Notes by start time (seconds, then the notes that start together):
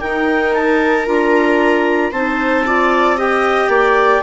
0.00 D#4 A#4 G5
0.53 A5
1.06 D4 F4 A#5
2.11 C4 D#4 C5 A5
2.65 F4 D5
3.17 G4 D#5 G5
3.68 A#3 D5